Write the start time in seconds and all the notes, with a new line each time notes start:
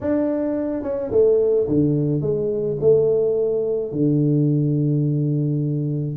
0.00 D4
0.82 C#4
1.11 A3
1.67 D3
2.21 G#3
2.80 A3
3.92 D3